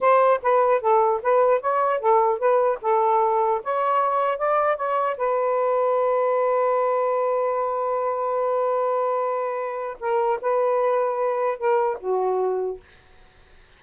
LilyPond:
\new Staff \with { instrumentName = "saxophone" } { \time 4/4 \tempo 4 = 150 c''4 b'4 a'4 b'4 | cis''4 a'4 b'4 a'4~ | a'4 cis''2 d''4 | cis''4 b'2.~ |
b'1~ | b'1~ | b'4 ais'4 b'2~ | b'4 ais'4 fis'2 | }